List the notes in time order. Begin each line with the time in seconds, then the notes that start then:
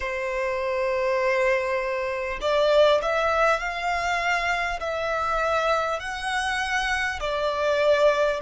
0.00 C5
2.41 D5
3.02 E5
3.59 F5
4.80 E5
5.99 F#5
7.19 D5